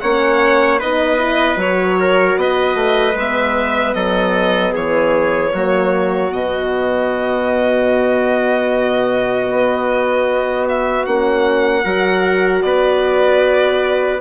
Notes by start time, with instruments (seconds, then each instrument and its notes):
0.00 bassoon A#3, horn C#4, trumpet C#5, violin F#5
0.79 bassoon B3, horn D#4, trumpet B4, violin D#5
1.18 horn E4
1.56 bassoon F#3, horn F#4, violin C#5
2.00 trumpet A#4
2.37 bassoon B3, trumpet B4, violin D#5
2.75 bassoon A3
3.15 bassoon G#3, horn B3, violin E5
3.94 bassoon F#3, trumpet A4, violin D#5
4.73 bassoon E3, trumpet G#4, violin C#5
5.53 bassoon F#3, horn A#3, trumpet F#4
6.30 bassoon B2, horn B3, violin D#5
9.50 bassoon B3
10.68 violin E5
11.06 bassoon A#3, horn C#4, violin F#5
11.84 bassoon F#3, horn F#4, trumpet A#4
12.62 bassoon B3, trumpet B4, violin D5